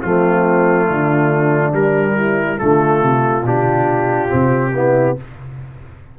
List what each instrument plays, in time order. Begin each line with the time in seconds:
0.00 tuba F3, trombone A3, horn C4, trumpet F4
0.86 tuba D3, horn D4
1.73 tuba G3, trombone G3, trumpet A#4
2.15 horn E4
2.57 tuba D3, trombone A3, horn F4, trumpet A4
3.02 tuba C3
3.43 tuba B2, trombone D4, trumpet G4
4.28 tuba C3, trombone C4
4.74 trombone B3, horn E4